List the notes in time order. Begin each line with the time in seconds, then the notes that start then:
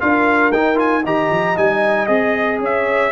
0.00 D4 F4 A#4 F5
0.52 D#4 G5
0.75 F4 G#5
1.03 D#3 G4 D#5 A#5
1.30 F3
1.56 G3 D#4 G#5
2.06 C4 G#4 D#5
2.59 C#4 C#5 E5